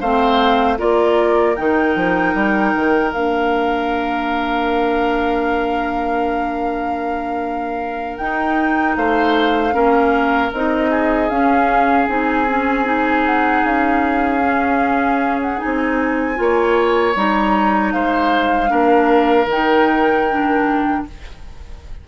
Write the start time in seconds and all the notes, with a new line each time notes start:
0.00 A3 C4 C5 F5
0.77 A#3 F4 A#4 D5
1.56 D#3 D#4 G5
1.95 F3
2.34 G3
2.75 D#3
3.12 A#3 D4 F5
8.17 D#4 G5
8.96 A3 C5 F5
9.72 A#3 C#4 A#4
10.52 C4 D#4 D#5
10.90 G#4
11.29 C#4 F5
12.08 C4 D#4 G#5
12.48 C#4
12.85 D#4
13.26 F#5
13.64 C#4 F5
14.44 C#4
15.42 F#5
15.57 D#4 G#5
15.64 C4
16.35 A#3 F4
16.41 C#5
17.15 G3 D#4 A#5
17.92 G#3 C5 F5
18.67 A#3 D4 A#4
19.46 D#3 D#4 G5
20.30 D4